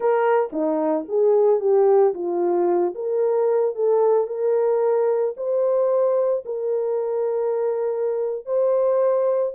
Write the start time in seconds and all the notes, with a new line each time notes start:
0.00 A#4
0.52 D#4
1.08 G#4
1.59 G4
2.14 F4
2.95 A#4
3.75 A4
4.27 A#4
5.36 C5
6.45 A#4
8.45 C5